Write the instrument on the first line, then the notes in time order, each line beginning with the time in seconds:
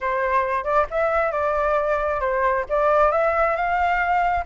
flute
0.00 C5
0.63 D5
0.90 E5
1.31 D5
2.20 C5
2.69 D5
3.11 E5
3.56 F5